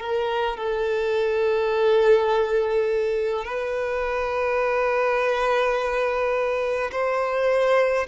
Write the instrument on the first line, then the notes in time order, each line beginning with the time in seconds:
violin
0.00 A#4
0.58 A4
3.45 B4
6.92 C5